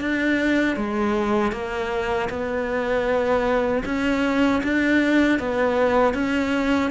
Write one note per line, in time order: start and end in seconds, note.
0.00 0.76 D4
0.76 1.51 G#3
1.51 2.28 A#3
2.29 3.83 B3
3.85 4.62 C#4
4.63 5.39 D4
5.39 6.14 B3
6.14 6.90 C#4